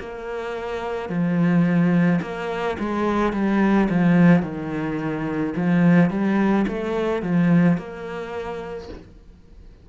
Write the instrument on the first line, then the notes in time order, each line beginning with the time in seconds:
cello
0.00 A#3
1.10 F3
2.22 A#3
2.80 G#3
3.33 G3
3.90 F3
4.43 D#3
5.57 F3
6.11 G3
6.68 A3
7.23 F3
7.78 A#3